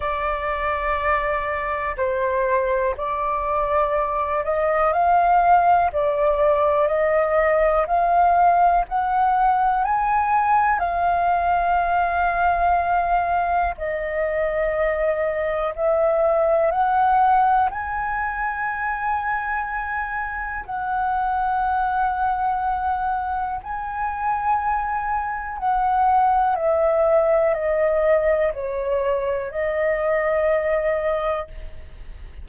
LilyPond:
\new Staff \with { instrumentName = "flute" } { \time 4/4 \tempo 4 = 61 d''2 c''4 d''4~ | d''8 dis''8 f''4 d''4 dis''4 | f''4 fis''4 gis''4 f''4~ | f''2 dis''2 |
e''4 fis''4 gis''2~ | gis''4 fis''2. | gis''2 fis''4 e''4 | dis''4 cis''4 dis''2 | }